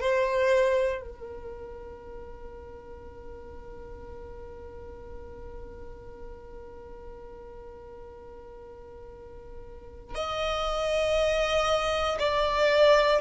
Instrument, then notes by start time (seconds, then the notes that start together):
violin
0.00 C5
1.02 A#4
10.15 D#5
12.19 D5